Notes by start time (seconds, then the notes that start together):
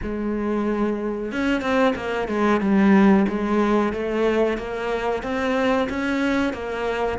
0.02 G#3
1.32 C#4
1.61 C4
1.95 A#3
2.28 G#3
2.61 G3
3.28 G#3
3.92 A3
4.57 A#3
5.22 C4
5.89 C#4
6.53 A#3